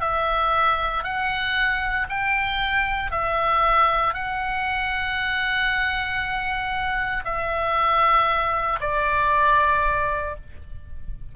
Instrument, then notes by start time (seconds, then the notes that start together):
oboe
0.00 E5
1.03 F#5
2.09 G5
3.11 E5
4.14 F#5
7.24 E5
8.80 D5